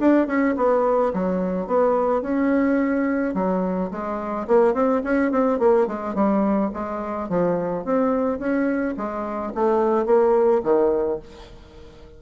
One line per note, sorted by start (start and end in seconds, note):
0.00 0.27 D4
0.27 0.55 C#4
0.57 1.13 B3
1.14 1.67 F#3
1.67 2.22 B3
2.22 3.34 C#4
3.35 3.91 F#3
3.91 4.47 G#3
4.48 4.74 A#3
4.74 5.02 C4
5.04 5.32 C#4
5.32 5.59 C4
5.59 5.87 A#3
5.88 6.15 G#3
6.15 6.71 G3
6.74 7.29 G#3
7.29 7.85 F3
7.85 8.39 C4
8.39 8.95 C#4
8.97 9.54 G#3
9.55 10.06 A3
10.06 10.62 A#3
10.64 11.20 D#3